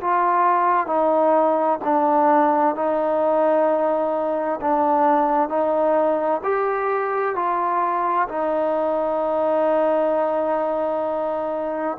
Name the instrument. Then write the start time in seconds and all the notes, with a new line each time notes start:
trombone
0.00 F4
0.86 D#4
1.84 D4
2.75 D#4
4.61 D4
5.48 D#4
6.43 G4
7.35 F4
8.28 D#4